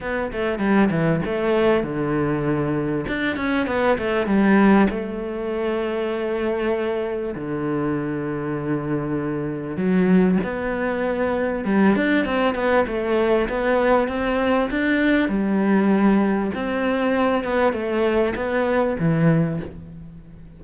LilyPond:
\new Staff \with { instrumentName = "cello" } { \time 4/4 \tempo 4 = 98 b8 a8 g8 e8 a4 d4~ | d4 d'8 cis'8 b8 a8 g4 | a1 | d1 |
fis4 b2 g8 d'8 | c'8 b8 a4 b4 c'4 | d'4 g2 c'4~ | c'8 b8 a4 b4 e4 | }